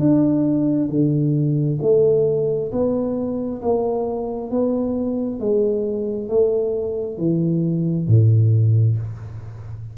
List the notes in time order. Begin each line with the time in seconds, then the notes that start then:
0.00 D4
0.90 D3
1.82 A3
2.72 B3
3.62 A#3
4.51 B3
5.40 G#3
6.29 A3
7.18 E3
8.08 A2